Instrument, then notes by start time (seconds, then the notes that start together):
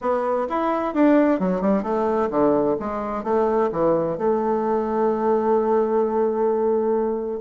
bassoon
0.01 B3
0.49 E4
0.94 D4
1.39 F#3
1.61 G3
1.83 A3
2.30 D3
2.79 G#3
3.23 A3
3.72 E3
4.17 A3